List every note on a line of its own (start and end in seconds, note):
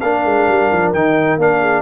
0.00 0.25 A#3
0.00 0.95 D4
0.00 1.60 A#4
0.00 0.92 F5
0.25 0.48 G#3
0.48 0.71 G3
0.72 0.93 F3
0.93 1.37 D#3
0.93 1.39 D#4
0.93 1.38 G5
1.37 1.82 A#3
1.37 1.82 D4
1.37 1.82 F5
1.60 1.82 G#4